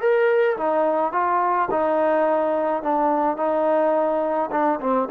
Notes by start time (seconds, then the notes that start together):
0.00 A#4
0.57 D#4
1.12 F4
1.71 D#4
2.83 D4
3.37 D#4
4.51 D4
4.80 C4